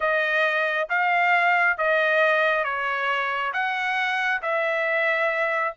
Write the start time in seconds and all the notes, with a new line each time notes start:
0.00 D#5
0.89 F5
1.77 D#5
2.64 C#5
3.53 F#5
4.41 E5